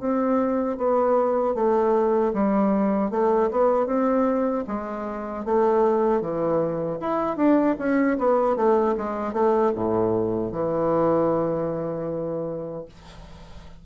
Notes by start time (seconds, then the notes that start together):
0.00 C4
0.77 B3
1.55 A3
2.33 G3
3.11 A3
3.51 B3
3.86 C4
4.68 G#3
5.45 A3
6.21 E3
7.01 E4
7.37 D4
7.79 C#4
8.18 B3
8.56 A3
8.98 G#3
9.33 A3
9.75 A2
10.52 E3